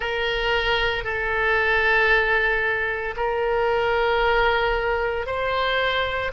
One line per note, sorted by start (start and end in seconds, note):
0.00 1.04 A#4
1.04 3.14 A4
3.16 5.26 A#4
5.26 6.32 C5